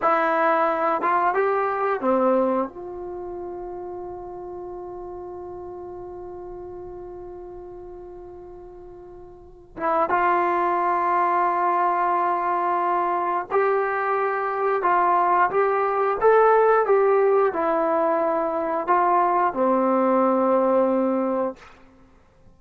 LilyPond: \new Staff \with { instrumentName = "trombone" } { \time 4/4 \tempo 4 = 89 e'4. f'8 g'4 c'4 | f'1~ | f'1~ | f'2~ f'8 e'8 f'4~ |
f'1 | g'2 f'4 g'4 | a'4 g'4 e'2 | f'4 c'2. | }